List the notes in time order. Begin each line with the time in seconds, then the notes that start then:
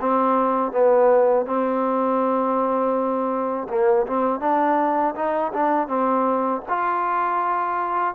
0.00 C4
0.72 B3
1.46 C4
3.69 A#3
4.07 C4
4.40 D4
5.15 D#4
5.53 D4
5.88 C4
6.69 F4